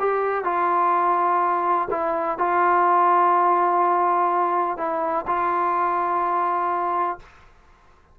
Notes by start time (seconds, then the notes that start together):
0.00 G4
0.45 F4
1.91 E4
2.38 F4
4.78 E4
5.28 F4